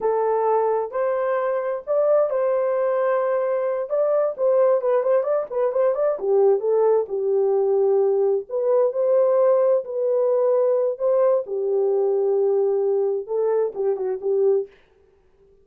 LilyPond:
\new Staff \with { instrumentName = "horn" } { \time 4/4 \tempo 4 = 131 a'2 c''2 | d''4 c''2.~ | c''8 d''4 c''4 b'8 c''8 d''8 | b'8 c''8 d''8 g'4 a'4 g'8~ |
g'2~ g'8 b'4 c''8~ | c''4. b'2~ b'8 | c''4 g'2.~ | g'4 a'4 g'8 fis'8 g'4 | }